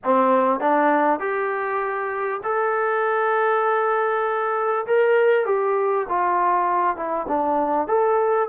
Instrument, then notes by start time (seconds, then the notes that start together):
trombone
0.03 C4
0.60 D4
1.19 G4
2.43 A4
4.86 A#4
5.45 G4
6.08 F4
6.96 E4
7.28 D4
7.87 A4